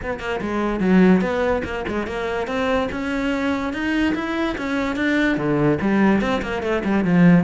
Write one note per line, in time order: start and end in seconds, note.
0.02 0.19 B3
0.19 0.40 A#3
0.41 0.80 G#3
0.80 1.21 F#3
1.21 1.62 B3
1.64 1.85 A#3
1.88 2.07 G#3
2.07 2.47 A#3
2.47 2.88 C4
2.91 3.73 C#4
3.73 4.14 D#4
4.15 4.56 E4
4.57 4.96 C#4
4.96 5.37 D4
5.37 5.78 D3
5.81 6.21 G3
6.21 6.41 C4
6.42 6.62 A#3
6.62 6.83 A3
6.84 7.04 G3
7.04 7.44 F3